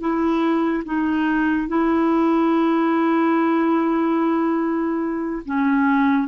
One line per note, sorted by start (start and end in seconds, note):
0.00 0.83 E4
0.84 1.67 D#4
1.67 5.42 E4
5.45 6.28 C#4